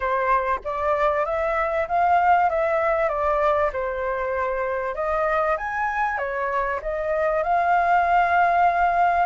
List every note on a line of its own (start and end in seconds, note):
0.00 0.59 C5
0.64 1.25 D5
1.25 1.87 E5
1.88 2.49 F5
2.49 3.08 E5
3.08 3.70 D5
3.73 4.95 C5
4.95 5.56 D#5
5.57 6.18 G#5
6.18 6.80 C#5
6.82 7.43 D#5
7.43 9.26 F5